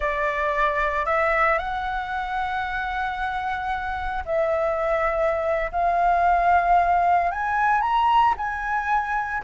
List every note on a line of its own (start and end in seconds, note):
0.00 1.05 D5
1.05 1.58 E5
1.58 4.23 F#5
4.25 5.71 E5
5.71 7.31 F5
7.31 7.81 G#5
7.81 8.34 A#5
8.37 9.43 G#5